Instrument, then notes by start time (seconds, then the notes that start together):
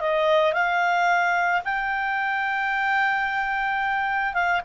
clarinet
0.00 D#5
0.53 F5
1.64 G5
4.33 F5